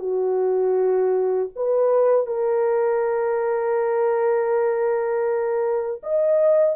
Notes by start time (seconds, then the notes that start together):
0.00 F#4
1.56 B4
2.27 A#4
6.03 D#5